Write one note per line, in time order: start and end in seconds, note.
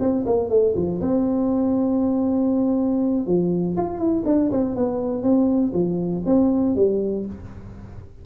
0.00 0.25 C4
0.26 0.50 A#3
0.50 0.75 A3
0.76 1.01 F3
1.01 3.26 C4
3.26 3.76 F3
3.77 3.98 F4
3.98 4.23 E4
4.26 4.51 D4
4.51 4.76 C4
4.76 5.22 B3
5.22 5.72 C4
5.73 6.23 F3
6.25 6.75 C4
6.75 7.25 G3